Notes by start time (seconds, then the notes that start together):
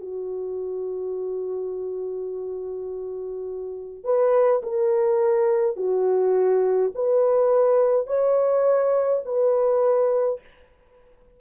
0.00 F#4
4.04 B4
4.63 A#4
5.76 F#4
6.95 B4
8.07 C#5
9.25 B4